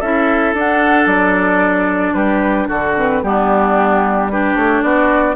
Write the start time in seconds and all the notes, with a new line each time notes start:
0.00 C#4 E4 A4 E5
0.54 D4 F#5
1.06 F#3 D5
2.14 G3 G4 B4
2.68 D3 F#4 A4
2.96 C4 B4
3.23 G3 B3 D4 G4
4.30 D4 G4 B4
4.55 A3 C#5
4.82 B3 F#4 D5